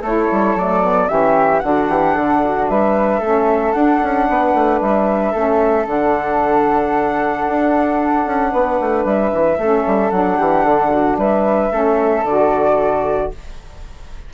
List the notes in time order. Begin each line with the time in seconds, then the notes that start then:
0.00 A3 E4 A4 C#5
0.31 G3
0.55 F#3 A3 D5
0.82 B3
1.08 E3 C#4 G4 E5
1.59 D3 D4 F#4 F#5
1.88 E3 G4
2.14 D3 A4
2.44 F#4
2.68 G3 B4 E5
3.19 A3 C#4 A4
3.72 D4 F#5
4.02 C#4
4.29 B3 B4
4.53 A3
4.80 G3 E5
5.31 A3 C#4 A4
5.85 D3 D4 F#5
7.47 D4
8.25 C#4
8.51 B3 B4
8.80 A3
9.04 G3 E5
9.33 E3
9.57 A3 C#4 A4
9.86 G3
10.10 F#3 D4 F#5
10.37 E3 G4
10.64 D3 A4
10.90 F#4
11.17 G3 B4 E5
11.71 A3 C#4 A4
12.24 D3 F#4 D5